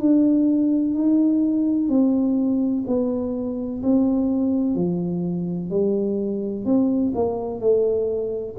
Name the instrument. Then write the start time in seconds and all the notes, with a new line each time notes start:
tuba
0.00 D4
0.95 D#4
1.89 C4
2.87 B3
3.83 C4
4.75 F3
5.71 G3
6.65 C4
7.16 A#3
7.60 A3